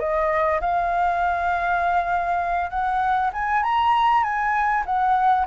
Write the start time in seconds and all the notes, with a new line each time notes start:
0.00 D#5
0.61 F5
2.71 F#5
3.34 G#5
3.64 A#5
4.24 G#5
4.86 F#5